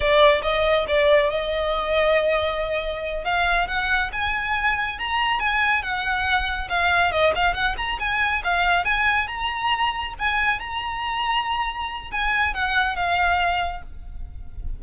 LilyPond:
\new Staff \with { instrumentName = "violin" } { \time 4/4 \tempo 4 = 139 d''4 dis''4 d''4 dis''4~ | dis''2.~ dis''8 f''8~ | f''8 fis''4 gis''2 ais''8~ | ais''8 gis''4 fis''2 f''8~ |
f''8 dis''8 f''8 fis''8 ais''8 gis''4 f''8~ | f''8 gis''4 ais''2 gis''8~ | gis''8 ais''2.~ ais''8 | gis''4 fis''4 f''2 | }